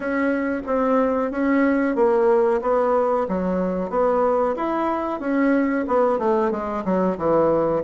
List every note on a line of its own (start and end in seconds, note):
0.00 0.61 C#4
0.66 1.31 C4
1.31 1.95 C#4
1.95 2.60 A#3
2.61 3.26 B3
3.28 3.90 F#3
3.90 4.55 B3
4.56 5.19 E4
5.19 5.85 C#4
5.87 6.18 B3
6.18 6.51 A3
6.51 6.83 G#3
6.84 7.17 F#3
7.17 7.83 E3